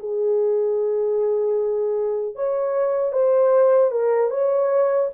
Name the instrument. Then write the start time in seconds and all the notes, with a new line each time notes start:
horn
0.00 G#4
2.35 C#5
3.13 C5
3.92 A#4
4.31 C#5